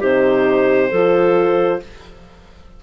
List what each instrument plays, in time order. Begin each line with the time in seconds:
0.00 bassoon C3, horn D#4, clarinet G4 C5
0.90 bassoon F3, horn F4, clarinet A4